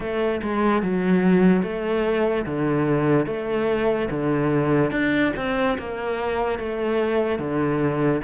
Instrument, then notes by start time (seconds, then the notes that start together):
cello
0.00 A3
0.42 G#3
0.82 F#3
1.63 A3
2.45 D3
3.26 A3
4.10 D3
4.91 D4
5.36 C4
5.78 A#3
6.58 A3
7.39 D3